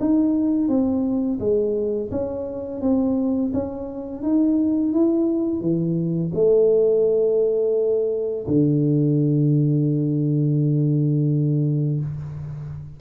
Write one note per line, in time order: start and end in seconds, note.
0.00 0.69 D#4
0.69 1.39 C4
1.40 2.10 G#3
2.11 2.81 C#4
2.81 3.52 C4
3.54 4.23 C#4
4.23 4.93 D#4
4.93 5.61 E4
5.61 6.31 E3
6.35 8.46 A3
8.47 12.00 D3